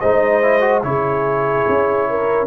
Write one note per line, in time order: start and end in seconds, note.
0.00 0.83 G#3
0.00 0.42 D#4
0.00 0.83 C5
0.00 0.82 D#5
0.42 0.61 E4
0.61 0.81 F#4
0.83 1.65 C#3
0.83 2.47 E4
0.83 2.10 G#4
0.83 2.47 C#5
1.69 2.47 C#4
2.10 2.47 A#4